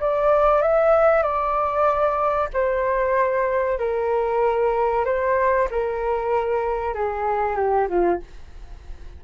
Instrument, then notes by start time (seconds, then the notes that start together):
flute
0.00 D5
0.62 E5
1.22 D5
2.53 C5
3.78 A#4
5.05 C5
5.70 A#4
6.94 G#4
7.56 G4
7.88 F4